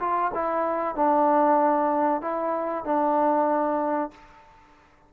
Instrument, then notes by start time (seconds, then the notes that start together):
trombone
0.00 F4
0.34 E4
0.96 D4
2.22 E4
2.85 D4